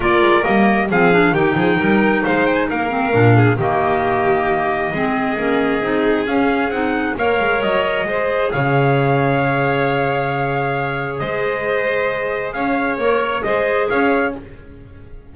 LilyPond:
<<
  \new Staff \with { instrumentName = "trumpet" } { \time 4/4 \tempo 4 = 134 d''4 dis''4 f''4 g''4~ | g''4 f''8 g''16 gis''16 f''2 | dis''1~ | dis''2 f''4 fis''4 |
f''4 dis''2 f''4~ | f''1~ | f''4 dis''2. | f''4 cis''4 dis''4 f''4 | }
  \new Staff \with { instrumentName = "violin" } { \time 4/4 ais'2 gis'4 g'8 gis'8 | ais'4 c''4 ais'4. gis'8 | g'2. gis'4~ | gis'1 |
cis''2 c''4 cis''4~ | cis''1~ | cis''4 c''2. | cis''2 c''4 cis''4 | }
  \new Staff \with { instrumentName = "clarinet" } { \time 4/4 f'4 ais4 c'8 d'8 dis'4~ | dis'2~ dis'8 c'8 d'4 | ais2. c'4 | cis'4 dis'4 cis'4 dis'4 |
ais'2 gis'2~ | gis'1~ | gis'1~ | gis'4 ais'4 gis'2 | }
  \new Staff \with { instrumentName = "double bass" } { \time 4/4 ais8 gis8 g4 f4 dis8 f8 | g4 gis4 ais4 ais,4 | dis2. gis4 | ais4 c'4 cis'4 c'4 |
ais8 gis8 fis4 gis4 cis4~ | cis1~ | cis4 gis2. | cis'4 ais4 gis4 cis'4 | }
>>